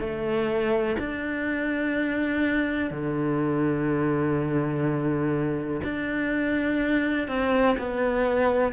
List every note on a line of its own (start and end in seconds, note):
0.00 0.97 A3
0.99 2.91 D4
2.91 5.82 D3
5.84 7.28 D4
7.28 7.77 C4
7.79 8.73 B3